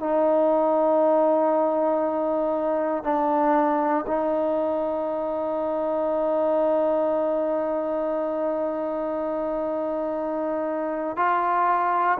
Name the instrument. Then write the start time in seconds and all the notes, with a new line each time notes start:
trombone
0.00 D#4
3.04 D4
4.07 D#4
11.17 F4